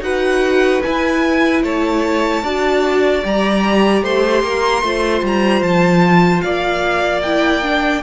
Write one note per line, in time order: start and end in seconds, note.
0.00 0.80 D#4
0.00 0.82 F#4
0.00 1.63 B4
0.00 0.82 F#5
0.82 2.43 E4
0.82 1.62 E4
0.82 1.62 G#5
1.62 2.43 A3
1.62 2.43 C#5
1.62 3.24 A5
2.43 3.23 D4
2.43 3.22 F#4
2.43 4.03 D5
3.22 4.02 G3
3.22 4.82 G4
3.22 4.04 A#5
4.02 4.42 A3
4.02 4.43 C5
4.02 5.24 C6
4.42 4.81 A#3
4.42 4.83 A#4
4.81 5.21 A3
4.81 7.24 F4
4.81 6.43 C5
5.22 5.61 G3
5.22 5.62 A#5
5.61 6.41 F3
5.61 6.41 A5
6.41 8.02 A#3
6.41 8.02 D5
6.41 7.21 F5
7.22 7.62 E4
7.22 8.02 G5
7.62 8.02 D4